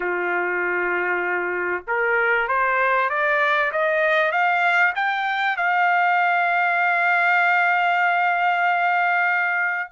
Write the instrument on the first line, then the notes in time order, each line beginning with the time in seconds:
trumpet
0.00 F4
1.87 A#4
2.47 C5
3.09 D5
3.72 D#5
4.31 F5
4.95 G5
5.56 F5